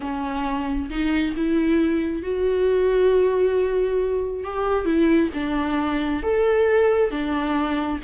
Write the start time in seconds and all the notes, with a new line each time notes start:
0.00 C#4
0.90 D#4
1.36 E4
2.22 F#4
4.44 G4
4.85 E4
5.34 D4
6.22 A4
7.10 D4